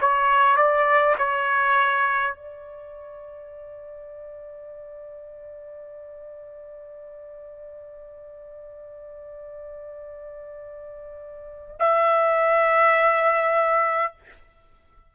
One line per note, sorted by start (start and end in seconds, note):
0.00 0.56 C#5
0.56 1.15 D5
1.18 2.35 C#5
2.35 11.76 D5
11.79 14.14 E5